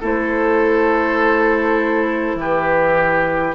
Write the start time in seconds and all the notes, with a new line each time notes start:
0.00 A3 E4 A4 C5
2.35 E3 G4 B4